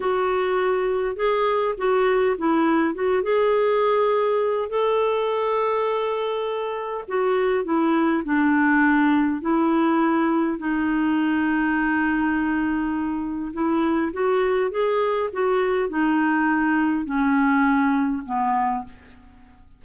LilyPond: \new Staff \with { instrumentName = "clarinet" } { \time 4/4 \tempo 4 = 102 fis'2 gis'4 fis'4 | e'4 fis'8 gis'2~ gis'8 | a'1 | fis'4 e'4 d'2 |
e'2 dis'2~ | dis'2. e'4 | fis'4 gis'4 fis'4 dis'4~ | dis'4 cis'2 b4 | }